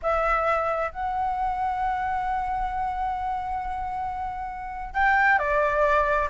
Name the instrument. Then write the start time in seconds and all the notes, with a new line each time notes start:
flute
0.02 E5
0.91 F#5
4.93 G5
5.38 D5